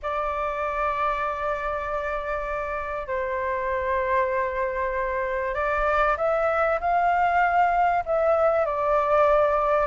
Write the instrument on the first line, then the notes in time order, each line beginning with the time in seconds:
flute
0.02 D5
3.07 C5
5.54 D5
6.17 E5
6.80 F5
8.05 E5
8.65 D5